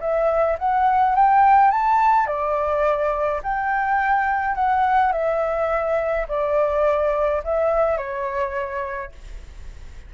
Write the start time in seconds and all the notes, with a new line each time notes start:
0.00 E5
0.58 F#5
1.15 G5
1.71 A5
2.26 D5
3.43 G5
4.55 F#5
5.12 E5
6.28 D5
7.43 E5
7.97 C#5